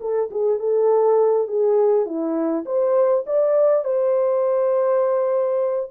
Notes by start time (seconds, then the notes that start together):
0.00 A4
0.31 G#4
0.59 A4
1.48 G#4
2.05 E4
2.65 C5
3.26 D5
3.84 C5